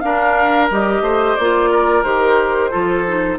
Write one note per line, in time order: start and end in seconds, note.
0.00 0.70 D4
0.00 1.03 A#4
0.00 0.67 F5
0.70 1.01 G3
0.70 1.38 G4
0.70 1.35 D#5
1.01 1.34 A3
1.01 1.70 C5
1.35 2.04 A#3
1.35 2.04 F4
1.35 2.03 D5
1.70 2.70 A#4
2.03 2.71 D#3
2.03 2.71 G4
2.03 3.38 C5
2.70 3.39 F3
2.70 3.04 F4
2.70 3.38 A4
3.07 3.39 D#4